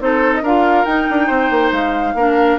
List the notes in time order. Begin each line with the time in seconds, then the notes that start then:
0.00 C4 D#4 A4 C5
0.34 D#5
0.42 D4 F4 A#4 F5
0.85 D#4 G5
1.10 D4
1.27 C4 C5
1.50 A#3
1.71 G#3 F5
2.14 A#3 D4 A#4